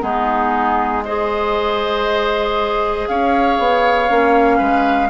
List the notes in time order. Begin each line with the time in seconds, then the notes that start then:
0.00 G#3 B3 D#4 G#4
1.05 G#4 C5 D#5
3.07 C#4 C#5 F5
3.58 B3
4.09 A#3 C#4
4.57 G#3 B4